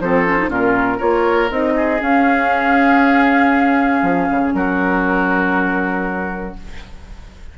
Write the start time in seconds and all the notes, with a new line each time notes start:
0.00 F3 C4 A4 C5
0.26 C#4
0.38 D#4
0.49 A#2 C#4 F4 A#4
0.98 A#3 F4 A#4 C#5
1.51 C4 D#4 D#5
1.76 G#4
2.00 C#4 F5
4.03 F3
4.31 C#3
4.54 F#3 F#4 A#4